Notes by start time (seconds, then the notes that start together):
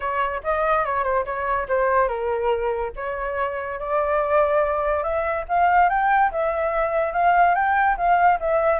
0.00 C#5
0.43 D#5
0.85 C#5
1.03 C5
1.25 C#5
1.68 C5
2.08 A#4
2.96 C#5
3.79 D5
5.03 E5
5.48 F5
5.89 G5
6.31 E5
7.12 F5
7.54 G5
7.97 F5
8.40 E5